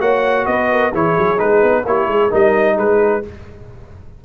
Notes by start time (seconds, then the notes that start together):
0.00 A#3 F#4 C#5 F#5
0.46 B3 B4 D#5
0.72 A#4
0.91 E3 E4 G#4 C#5
1.18 F#3
1.38 G#3 D#4 B4
1.63 B3
1.85 A#3 E4 G4 C#5
2.08 G#3 G#4
2.30 G3 D#4 A#4 D#5
2.77 G#3 G#4 B4